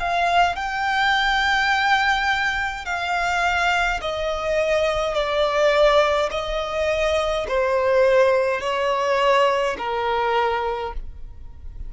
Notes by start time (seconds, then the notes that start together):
0.00 F5
0.56 G5
2.85 F5
4.01 D#5
5.15 D5
6.31 D#5
7.48 C5
8.61 C#5
9.78 A#4